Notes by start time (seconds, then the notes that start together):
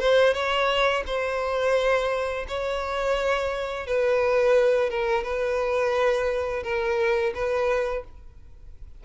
0.00 C5
0.34 C#5
1.07 C5
2.48 C#5
3.87 B4
4.90 A#4
5.24 B4
6.64 A#4
7.34 B4